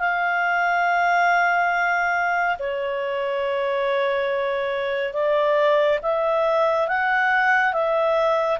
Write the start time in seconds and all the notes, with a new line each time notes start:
0.00 F5
2.59 C#5
5.14 D5
6.03 E5
6.88 F#5
7.73 E5